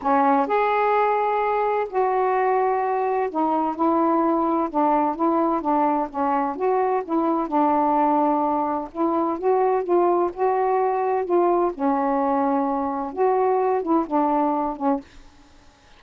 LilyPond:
\new Staff \with { instrumentName = "saxophone" } { \time 4/4 \tempo 4 = 128 cis'4 gis'2. | fis'2. dis'4 | e'2 d'4 e'4 | d'4 cis'4 fis'4 e'4 |
d'2. e'4 | fis'4 f'4 fis'2 | f'4 cis'2. | fis'4. e'8 d'4. cis'8 | }